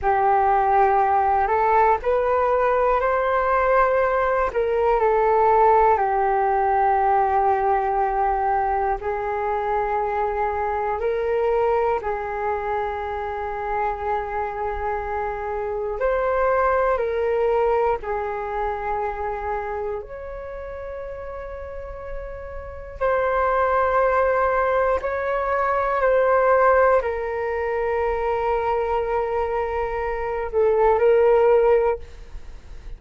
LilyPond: \new Staff \with { instrumentName = "flute" } { \time 4/4 \tempo 4 = 60 g'4. a'8 b'4 c''4~ | c''8 ais'8 a'4 g'2~ | g'4 gis'2 ais'4 | gis'1 |
c''4 ais'4 gis'2 | cis''2. c''4~ | c''4 cis''4 c''4 ais'4~ | ais'2~ ais'8 a'8 ais'4 | }